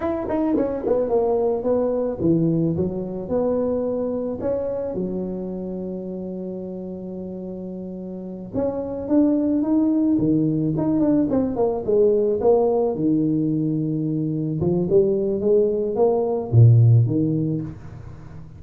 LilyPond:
\new Staff \with { instrumentName = "tuba" } { \time 4/4 \tempo 4 = 109 e'8 dis'8 cis'8 b8 ais4 b4 | e4 fis4 b2 | cis'4 fis2.~ | fis2.~ fis8 cis'8~ |
cis'8 d'4 dis'4 dis4 dis'8 | d'8 c'8 ais8 gis4 ais4 dis8~ | dis2~ dis8 f8 g4 | gis4 ais4 ais,4 dis4 | }